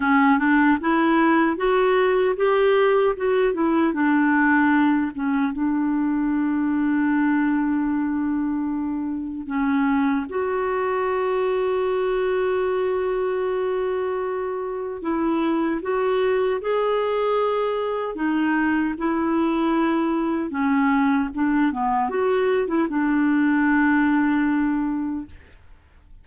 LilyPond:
\new Staff \with { instrumentName = "clarinet" } { \time 4/4 \tempo 4 = 76 cis'8 d'8 e'4 fis'4 g'4 | fis'8 e'8 d'4. cis'8 d'4~ | d'1 | cis'4 fis'2.~ |
fis'2. e'4 | fis'4 gis'2 dis'4 | e'2 cis'4 d'8 b8 | fis'8. e'16 d'2. | }